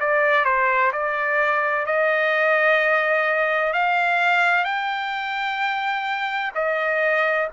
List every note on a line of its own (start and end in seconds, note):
0.00 0.45 D5
0.45 0.92 C5
0.93 1.86 D5
1.86 3.73 D#5
3.73 4.65 F5
4.65 6.52 G5
6.55 7.49 D#5